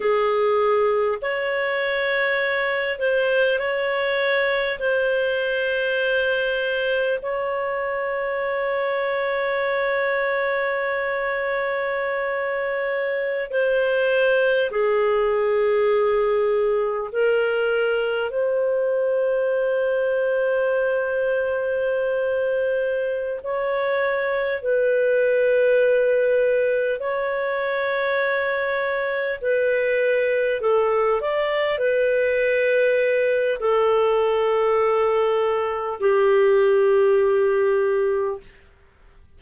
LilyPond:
\new Staff \with { instrumentName = "clarinet" } { \time 4/4 \tempo 4 = 50 gis'4 cis''4. c''8 cis''4 | c''2 cis''2~ | cis''2.~ cis''16 c''8.~ | c''16 gis'2 ais'4 c''8.~ |
c''2.~ c''8 cis''8~ | cis''8 b'2 cis''4.~ | cis''8 b'4 a'8 d''8 b'4. | a'2 g'2 | }